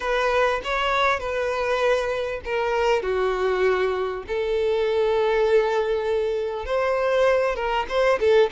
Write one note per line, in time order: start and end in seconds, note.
0.00 0.60 B4
0.64 1.19 C#5
1.19 2.40 B4
2.45 3.02 A#4
3.02 4.23 F#4
4.27 6.65 A4
6.65 7.55 C5
7.55 7.86 A#4
7.88 8.19 C5
8.20 8.50 A4